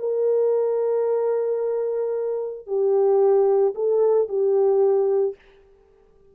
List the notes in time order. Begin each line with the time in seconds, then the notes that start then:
0.00 A#4
2.67 G4
3.75 A4
4.29 G4